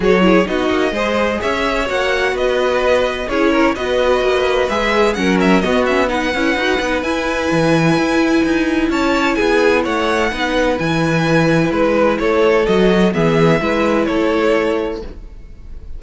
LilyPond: <<
  \new Staff \with { instrumentName = "violin" } { \time 4/4 \tempo 4 = 128 cis''4 dis''2 e''4 | fis''4 dis''2 cis''4 | dis''2 e''4 fis''8 e''8 | dis''8 e''8 fis''2 gis''4~ |
gis''2. a''4 | gis''4 fis''2 gis''4~ | gis''4 b'4 cis''4 dis''4 | e''2 cis''2 | }
  \new Staff \with { instrumentName = "violin" } { \time 4/4 a'8 gis'8 fis'4 c''4 cis''4~ | cis''4 b'2 gis'8 ais'8 | b'2. ais'4 | fis'4 b'2.~ |
b'2. cis''4 | gis'4 cis''4 b'2~ | b'2 a'2 | gis'4 b'4 a'2 | }
  \new Staff \with { instrumentName = "viola" } { \time 4/4 fis'8 e'8 dis'4 gis'2 | fis'2. e'4 | fis'2 gis'4 cis'4 | b8 cis'8 dis'8 e'8 fis'8 dis'8 e'4~ |
e'1~ | e'2 dis'4 e'4~ | e'2. fis'4 | b4 e'2. | }
  \new Staff \with { instrumentName = "cello" } { \time 4/4 fis4 b8 ais8 gis4 cis'4 | ais4 b2 cis'4 | b4 ais4 gis4 fis4 | b4. cis'8 dis'8 b8 e'4 |
e4 e'4 dis'4 cis'4 | b4 a4 b4 e4~ | e4 gis4 a4 fis4 | e4 gis4 a2 | }
>>